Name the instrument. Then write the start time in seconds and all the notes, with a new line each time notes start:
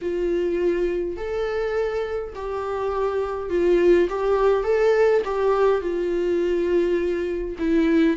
viola
0.01 F4
1.17 A4
2.35 G4
3.49 F4
4.09 G4
4.63 A4
5.24 G4
5.81 F4
7.58 E4